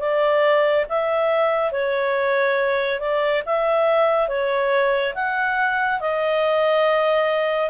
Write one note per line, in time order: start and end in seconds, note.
0.00 0.86 D5
0.89 1.72 E5
1.72 3.00 C#5
3.00 3.43 D5
3.46 4.29 E5
4.29 5.14 C#5
5.15 6.00 F#5
6.01 7.70 D#5